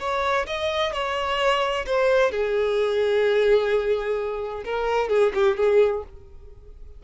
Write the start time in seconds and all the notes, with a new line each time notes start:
0.00 C#5
0.47 D#5
0.93 C#5
1.86 C5
2.32 G#4
4.65 A#4
5.10 G#4
5.35 G4
5.57 G#4